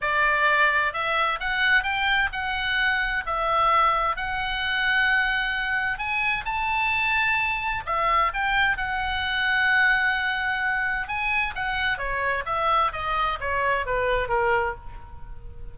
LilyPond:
\new Staff \with { instrumentName = "oboe" } { \time 4/4 \tempo 4 = 130 d''2 e''4 fis''4 | g''4 fis''2 e''4~ | e''4 fis''2.~ | fis''4 gis''4 a''2~ |
a''4 e''4 g''4 fis''4~ | fis''1 | gis''4 fis''4 cis''4 e''4 | dis''4 cis''4 b'4 ais'4 | }